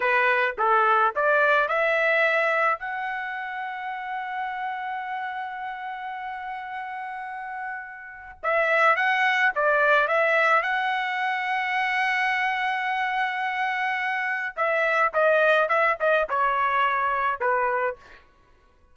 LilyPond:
\new Staff \with { instrumentName = "trumpet" } { \time 4/4 \tempo 4 = 107 b'4 a'4 d''4 e''4~ | e''4 fis''2.~ | fis''1~ | fis''2. e''4 |
fis''4 d''4 e''4 fis''4~ | fis''1~ | fis''2 e''4 dis''4 | e''8 dis''8 cis''2 b'4 | }